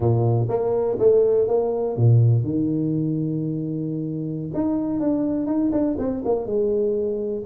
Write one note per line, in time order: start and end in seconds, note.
0.00 0.47 A#2
0.49 0.97 A#3
0.98 1.47 A3
1.47 1.96 A#3
1.96 2.43 A#2
2.43 4.51 D#3
4.54 5.00 D#4
5.00 5.46 D4
5.46 5.71 D#4
5.72 5.96 D4
5.98 6.22 C4
6.24 6.45 A#3
6.45 7.43 G#3